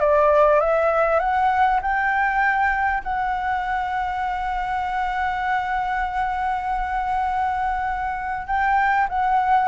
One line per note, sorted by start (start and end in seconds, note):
0.00 0.61 D5
0.61 1.20 E5
1.20 1.80 F#5
1.82 3.03 G5
3.04 8.47 F#5
8.47 9.08 G5
9.09 9.69 F#5